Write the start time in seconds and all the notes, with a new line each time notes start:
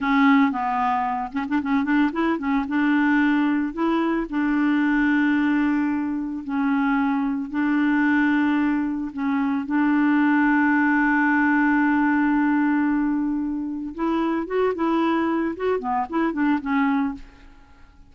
0.00 C#4
0.51 B3
1.32 C#4
1.48 D4
1.62 C#4
1.84 D4
2.12 E4
2.38 C#4
2.68 D4
3.73 E4
4.29 D4
6.44 C#4
7.50 D4
9.12 C#4
9.66 D4
13.94 E4
14.46 F#4
14.74 E4
15.56 F#4
15.79 B3
16.09 E4
16.33 D4
16.60 C#4